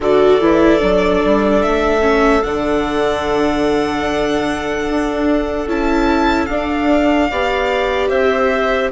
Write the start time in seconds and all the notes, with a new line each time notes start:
0.00 D3 F#4 A4 D5
0.40 E3 E4
0.79 F#3 D4
1.25 G3
1.62 A3 E5
2.01 C#4
2.43 D3 D4 F#5
4.89 D4
5.66 C#4 E4 A5
6.46 D4 F5
7.30 B3 G4 D5
8.08 C4 C5 E5